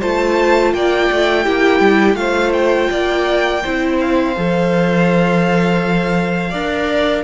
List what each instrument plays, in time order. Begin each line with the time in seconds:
0.00 cello A3, viola F4, violin C5 A5
0.74 cello A#3, violin D5 G5
1.11 cello A3
1.44 cello A#3, viola E4, violin G4
1.80 cello G3
2.15 cello A3, viola F4, violin C5 F5
2.53 violin G5
2.91 cello A#3, violin D5
3.63 cello C4, viola E4, violin C5
4.01 violin F5
4.36 cello F3, viola A4
6.50 cello D4, viola A#4, violin D5